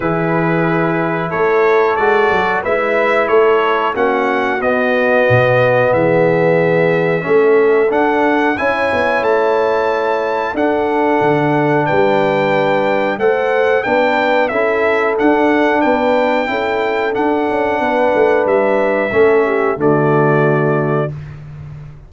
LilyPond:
<<
  \new Staff \with { instrumentName = "trumpet" } { \time 4/4 \tempo 4 = 91 b'2 cis''4 d''4 | e''4 cis''4 fis''4 dis''4~ | dis''4 e''2. | fis''4 gis''4 a''2 |
fis''2 g''2 | fis''4 g''4 e''4 fis''4 | g''2 fis''2 | e''2 d''2 | }
  \new Staff \with { instrumentName = "horn" } { \time 4/4 gis'2 a'2 | b'4 a'4 fis'2~ | fis'4 gis'2 a'4~ | a'4 cis''2. |
a'2 b'2 | c''4 b'4 a'2 | b'4 a'2 b'4~ | b'4 a'8 g'8 fis'2 | }
  \new Staff \with { instrumentName = "trombone" } { \time 4/4 e'2. fis'4 | e'2 cis'4 b4~ | b2. cis'4 | d'4 e'2. |
d'1 | a'4 d'4 e'4 d'4~ | d'4 e'4 d'2~ | d'4 cis'4 a2 | }
  \new Staff \with { instrumentName = "tuba" } { \time 4/4 e2 a4 gis8 fis8 | gis4 a4 ais4 b4 | b,4 e2 a4 | d'4 cis'8 b8 a2 |
d'4 d4 g2 | a4 b4 cis'4 d'4 | b4 cis'4 d'8 cis'8 b8 a8 | g4 a4 d2 | }
>>